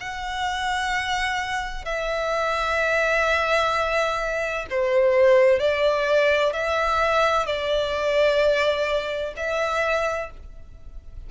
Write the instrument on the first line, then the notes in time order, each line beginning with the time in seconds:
violin
0.00 F#5
1.85 E5
4.70 C5
5.59 D5
6.52 E5
7.46 D5
9.36 E5